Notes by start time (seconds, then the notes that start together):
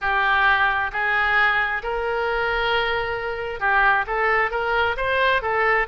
0.01 G4
0.92 G#4
1.83 A#4
3.60 G4
4.06 A4
4.51 A#4
4.96 C5
5.42 A4